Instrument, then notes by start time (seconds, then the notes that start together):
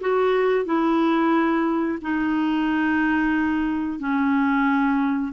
clarinet
0.00 F#4
0.65 E4
2.01 D#4
3.99 C#4